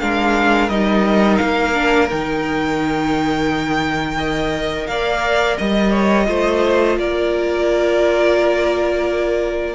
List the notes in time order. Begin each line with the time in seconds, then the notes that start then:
0.00 G#3 D4 A#4 F5
0.69 G3 D#4 D#5
1.37 A#3 F5
1.74 D4
2.10 D#3 D#4 G5
4.18 A#4 D#5
4.87 A#3 D5 F5
5.58 G3 D#5
5.91 C#5
6.26 A3 F4 C5
6.97 A#3 A#4 D5